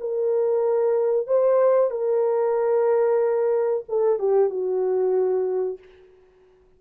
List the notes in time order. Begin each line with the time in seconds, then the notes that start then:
0.00 A#4
1.27 C5
1.90 A#4
3.88 A4
4.18 G4
4.49 F#4